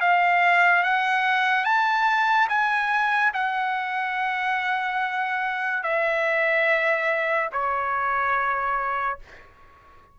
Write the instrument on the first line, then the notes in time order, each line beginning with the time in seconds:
trumpet
0.00 F5
0.83 F#5
1.64 A5
2.48 G#5
3.33 F#5
5.83 E5
7.52 C#5